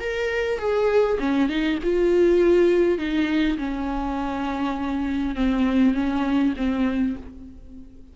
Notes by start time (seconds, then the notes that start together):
0.00 A#4
0.59 G#4
1.19 C#4
1.49 D#4
1.83 F4
2.98 D#4
3.58 C#4
5.35 C4
5.94 C#4
6.57 C4